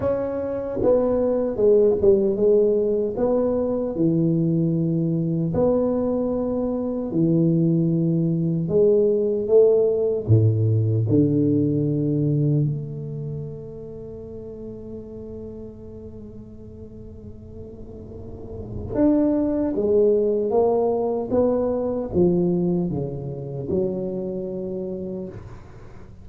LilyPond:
\new Staff \with { instrumentName = "tuba" } { \time 4/4 \tempo 4 = 76 cis'4 b4 gis8 g8 gis4 | b4 e2 b4~ | b4 e2 gis4 | a4 a,4 d2 |
a1~ | a1 | d'4 gis4 ais4 b4 | f4 cis4 fis2 | }